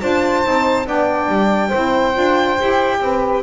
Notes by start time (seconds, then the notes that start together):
0.00 D4 F4 C5 A5
0.43 C4 D#4
0.85 B3 D4 D5 G5
1.28 G3
1.68 E4 C5
1.74 C4
2.13 D4 F4
2.59 E4 G4
3.00 C4 B4